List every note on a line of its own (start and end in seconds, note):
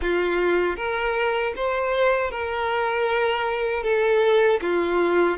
0.01 0.76 F4
0.76 1.53 A#4
1.56 2.30 C5
2.30 3.83 A#4
3.83 4.60 A4
4.61 5.37 F4